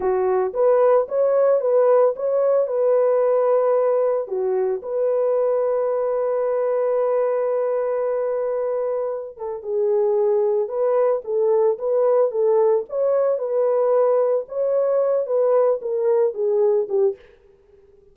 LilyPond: \new Staff \with { instrumentName = "horn" } { \time 4/4 \tempo 4 = 112 fis'4 b'4 cis''4 b'4 | cis''4 b'2. | fis'4 b'2.~ | b'1~ |
b'4. a'8 gis'2 | b'4 a'4 b'4 a'4 | cis''4 b'2 cis''4~ | cis''8 b'4 ais'4 gis'4 g'8 | }